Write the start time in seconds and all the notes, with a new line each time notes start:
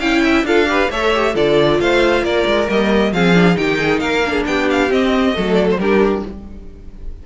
0.00 C#4 E4 F5 G5
0.24 E5
0.43 D4 F4 A4 F5
0.66 G4 B4
0.91 A3 A4 C#5 E5
1.14 G4
1.34 D3 F4 A4 D5
1.80 A3 C5 F5
2.22 A#3 A#4 D5
2.46 G#3
2.67 G3 A#3 D#5
3.12 F3 C4 G#4 F5
3.34 D4
3.55 D#3 D#4 G4 G5
3.79 G#4
4.00 A#3 A#4 F5
4.26 D4
4.32 G#4
4.46 B3 G4 G5
4.70 F5
4.90 C4 D#5
5.34 F#3 A3 A4
5.54 D5
5.71 C5
5.78 G3 D4 G4 A#4